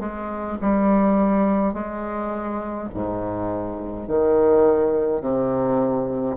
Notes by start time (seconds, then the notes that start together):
0.00 G#3
0.61 G3
1.74 G#3
2.94 G#2
4.08 D#3
5.21 C3